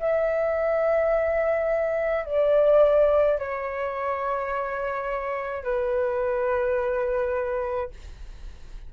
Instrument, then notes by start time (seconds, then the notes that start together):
flute
0.00 E5
2.25 D5
3.39 C#5
5.64 B4